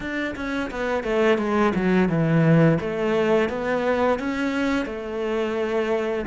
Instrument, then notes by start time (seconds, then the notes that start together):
cello
0.00 D4
0.35 C#4
0.70 B3
1.03 A3
1.38 G#3
1.74 F#3
2.08 E3
2.80 A3
3.49 B3
4.19 C#4
4.85 A3